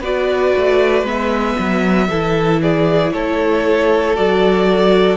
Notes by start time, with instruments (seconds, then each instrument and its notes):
0.00 cello B3, viola F#4, violin B4 D5
0.56 cello A3
1.03 cello G#3, viola B3, violin E5
1.59 cello F#3
2.08 cello E3, viola E4, violin A4
2.61 violin G#4 D5
3.12 cello A3, violin A4 C#5
4.15 cello F#3, viola F#4, violin D5